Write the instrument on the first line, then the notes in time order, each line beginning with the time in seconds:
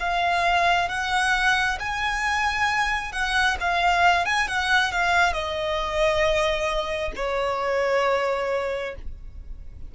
violin
0.00 F5
0.89 F#5
1.80 G#5
3.13 F#5
3.61 F5
4.26 G#5
4.48 F#5
4.92 F5
5.33 D#5
7.16 C#5